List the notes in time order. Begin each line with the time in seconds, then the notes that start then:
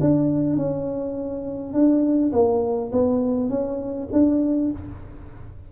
0.00 D4
0.56 C#4
1.73 D4
2.32 A#3
2.92 B3
3.49 C#4
4.12 D4